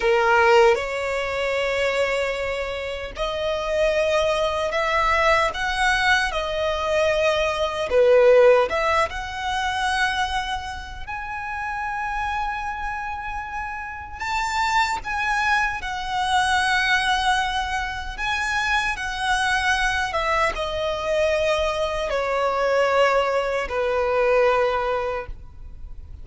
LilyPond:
\new Staff \with { instrumentName = "violin" } { \time 4/4 \tempo 4 = 76 ais'4 cis''2. | dis''2 e''4 fis''4 | dis''2 b'4 e''8 fis''8~ | fis''2 gis''2~ |
gis''2 a''4 gis''4 | fis''2. gis''4 | fis''4. e''8 dis''2 | cis''2 b'2 | }